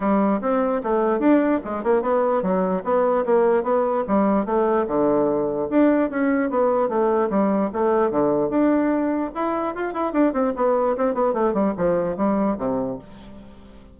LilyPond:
\new Staff \with { instrumentName = "bassoon" } { \time 4/4 \tempo 4 = 148 g4 c'4 a4 d'4 | gis8 ais8 b4 fis4 b4 | ais4 b4 g4 a4 | d2 d'4 cis'4 |
b4 a4 g4 a4 | d4 d'2 e'4 | f'8 e'8 d'8 c'8 b4 c'8 b8 | a8 g8 f4 g4 c4 | }